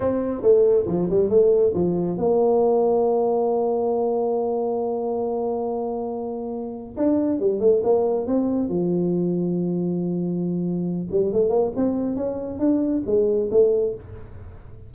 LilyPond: \new Staff \with { instrumentName = "tuba" } { \time 4/4 \tempo 4 = 138 c'4 a4 f8 g8 a4 | f4 ais2.~ | ais1~ | ais1 |
d'4 g8 a8 ais4 c'4 | f1~ | f4. g8 a8 ais8 c'4 | cis'4 d'4 gis4 a4 | }